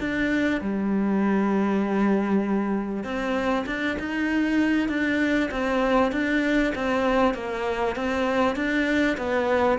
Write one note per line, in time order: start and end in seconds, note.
0.00 0.61 D4
0.61 3.04 G3
3.04 3.65 C4
3.66 3.97 D4
3.99 4.89 D#4
4.89 5.50 D4
5.51 6.12 C4
6.12 6.73 D4
6.75 7.34 C4
7.34 7.96 A#3
7.96 8.56 C4
8.56 9.17 D4
9.17 9.78 B3